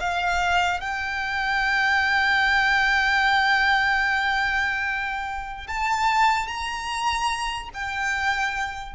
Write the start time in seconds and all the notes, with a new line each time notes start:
0.00 F5
0.81 G5
5.68 A5
6.48 A#5
7.74 G5